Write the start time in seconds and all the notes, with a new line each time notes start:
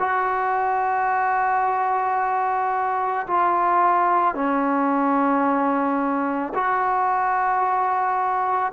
0.00 F#4
3.28 F4
4.35 C#4
6.55 F#4